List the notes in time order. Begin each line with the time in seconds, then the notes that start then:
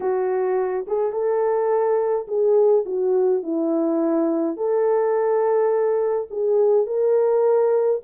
0.00 F#4
0.87 G#4
1.12 A4
2.27 G#4
2.85 F#4
3.42 E4
4.56 A4
6.30 G#4
6.86 A#4